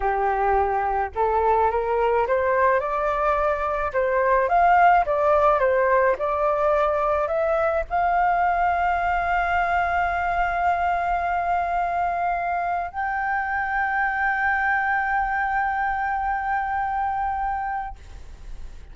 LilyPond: \new Staff \with { instrumentName = "flute" } { \time 4/4 \tempo 4 = 107 g'2 a'4 ais'4 | c''4 d''2 c''4 | f''4 d''4 c''4 d''4~ | d''4 e''4 f''2~ |
f''1~ | f''2. g''4~ | g''1~ | g''1 | }